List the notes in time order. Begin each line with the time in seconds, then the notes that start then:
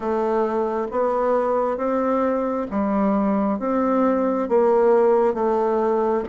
0.00 A3
0.91 B3
1.77 C4
2.70 G3
3.59 C4
4.49 A#3
5.34 A3